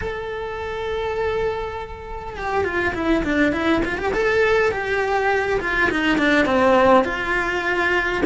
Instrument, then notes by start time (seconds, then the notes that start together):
cello
0.01 A4
2.36 G4
2.64 F4
2.94 E4
3.24 D4
3.52 E4
3.84 F4
3.97 G4
4.13 A4
4.71 G4
5.60 F4
5.90 D#4
6.18 D4
6.45 C4
7.04 F4